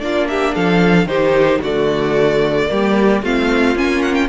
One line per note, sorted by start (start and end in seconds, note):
0.00 0.56 A#3
0.00 1.07 D4
0.00 0.29 F4
0.00 0.27 D5
0.28 0.54 G4
0.28 0.54 E5
0.54 1.05 F3
0.54 1.08 A4
0.54 1.07 F5
1.05 1.59 D#3
1.05 1.62 D#4
1.05 1.60 G4
1.05 1.61 C5
1.60 2.70 D3
1.60 2.68 A3
1.60 2.68 F#4
1.60 3.24 D5
2.68 3.23 G3
2.68 3.21 A#3
2.68 3.22 G4
3.22 3.75 A3
3.22 3.76 C4
3.22 4.29 F4
3.22 3.78 F5
3.75 4.29 A#3
3.75 4.29 C#4
3.75 4.02 G#5
4.02 4.14 F#5
4.14 4.27 G5